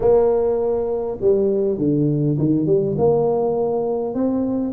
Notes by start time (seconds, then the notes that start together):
0.00 A#3
1.20 G3
1.78 D3
2.38 D#3
2.66 G3
2.98 A#3
4.14 C4